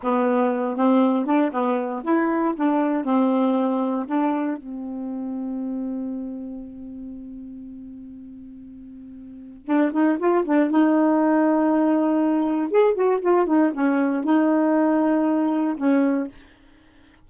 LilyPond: \new Staff \with { instrumentName = "saxophone" } { \time 4/4 \tempo 4 = 118 b4. c'4 d'8 b4 | e'4 d'4 c'2 | d'4 c'2.~ | c'1~ |
c'2. d'8 dis'8 | f'8 d'8 dis'2.~ | dis'4 gis'8 fis'8 f'8 dis'8 cis'4 | dis'2. cis'4 | }